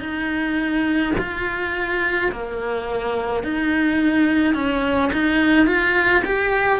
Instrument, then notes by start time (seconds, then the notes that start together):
cello
0.00 D#4
1.18 F4
2.32 A#3
3.43 D#4
4.54 C#4
5.13 D#4
5.67 F4
6.25 G4